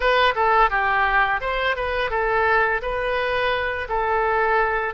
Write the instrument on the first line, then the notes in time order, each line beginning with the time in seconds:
oboe
0.00 B4
0.35 A4
0.70 G4
1.41 C5
1.76 B4
2.10 A4
2.82 B4
3.88 A4